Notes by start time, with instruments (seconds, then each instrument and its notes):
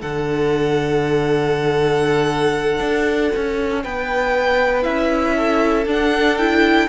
0.00 cello D3, viola D4, violin A4 F#5
2.80 cello D4
3.36 cello C#4
3.83 cello B3, violin B4 G5
4.83 cello C#4, viola E4, violin E5
5.36 violin A4
5.86 cello D4, viola D4, violin F#5
6.38 viola E4, violin G5